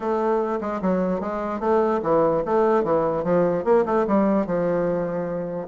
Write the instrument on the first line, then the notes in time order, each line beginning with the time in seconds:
bassoon
0.00 A3
0.60 G#3
0.81 F#3
1.20 G#3
1.59 A3
2.03 E3
2.45 A3
2.83 E3
3.24 F3
3.64 A#3
3.85 A3
4.07 G3
4.46 F3